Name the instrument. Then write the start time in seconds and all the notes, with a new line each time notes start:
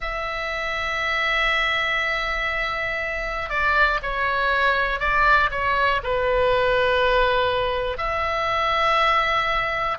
oboe
0.00 E5
3.50 D5
4.02 C#5
5.00 D5
5.51 C#5
6.03 B4
7.97 E5